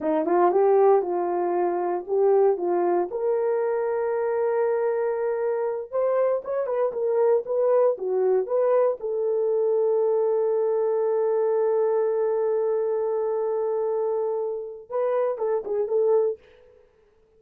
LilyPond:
\new Staff \with { instrumentName = "horn" } { \time 4/4 \tempo 4 = 117 dis'8 f'8 g'4 f'2 | g'4 f'4 ais'2~ | ais'2.~ ais'8 c''8~ | c''8 cis''8 b'8 ais'4 b'4 fis'8~ |
fis'8 b'4 a'2~ a'8~ | a'1~ | a'1~ | a'4 b'4 a'8 gis'8 a'4 | }